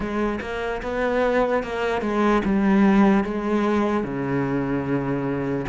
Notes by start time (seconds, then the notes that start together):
0.00 G#3
0.41 A#3
0.82 B3
1.63 A#3
2.01 G#3
2.44 G3
3.24 G#3
4.03 C#3